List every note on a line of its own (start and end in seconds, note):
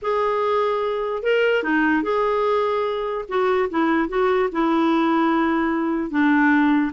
0.02 1.22 G#4
1.22 1.63 A#4
1.63 2.03 D#4
2.03 3.25 G#4
3.28 3.69 F#4
3.70 4.08 E4
4.08 4.49 F#4
4.52 6.10 E4
6.10 6.92 D4